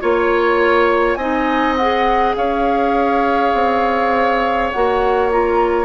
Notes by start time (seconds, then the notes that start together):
0.00 A#3 F4 C#5
1.15 C4 D#4 D#5 G#5
1.76 G#4 F#5
2.36 C#4 C#5 F5
3.53 C4
4.71 A#3 F#4 F#5
5.31 F4 A#5